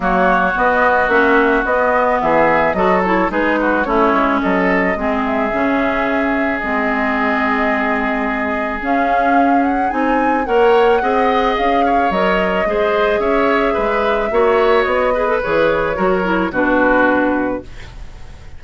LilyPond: <<
  \new Staff \with { instrumentName = "flute" } { \time 4/4 \tempo 4 = 109 cis''4 dis''4 e''4 dis''4 | e''4 dis''8 cis''8 b'4 cis''4 | dis''4. e''2~ e''8 | dis''1 |
f''4. fis''8 gis''4 fis''4~ | fis''4 f''4 dis''2 | e''2. dis''4 | cis''2 b'2 | }
  \new Staff \with { instrumentName = "oboe" } { \time 4/4 fis'1 | gis'4 a'4 gis'8 fis'8 e'4 | a'4 gis'2.~ | gis'1~ |
gis'2. cis''4 | dis''4. cis''4. c''4 | cis''4 b'4 cis''4. b'8~ | b'4 ais'4 fis'2 | }
  \new Staff \with { instrumentName = "clarinet" } { \time 4/4 ais4 b4 cis'4 b4~ | b4 fis'8 e'8 dis'4 cis'4~ | cis'4 c'4 cis'2 | c'1 |
cis'2 dis'4 ais'4 | gis'2 ais'4 gis'4~ | gis'2 fis'4. gis'16 a'16 | gis'4 fis'8 e'8 d'2 | }
  \new Staff \with { instrumentName = "bassoon" } { \time 4/4 fis4 b4 ais4 b4 | e4 fis4 gis4 a8 gis8 | fis4 gis4 cis2 | gis1 |
cis'2 c'4 ais4 | c'4 cis'4 fis4 gis4 | cis'4 gis4 ais4 b4 | e4 fis4 b,2 | }
>>